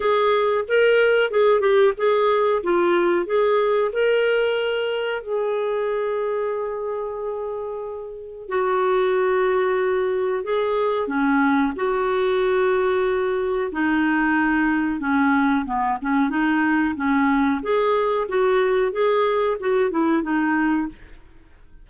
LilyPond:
\new Staff \with { instrumentName = "clarinet" } { \time 4/4 \tempo 4 = 92 gis'4 ais'4 gis'8 g'8 gis'4 | f'4 gis'4 ais'2 | gis'1~ | gis'4 fis'2. |
gis'4 cis'4 fis'2~ | fis'4 dis'2 cis'4 | b8 cis'8 dis'4 cis'4 gis'4 | fis'4 gis'4 fis'8 e'8 dis'4 | }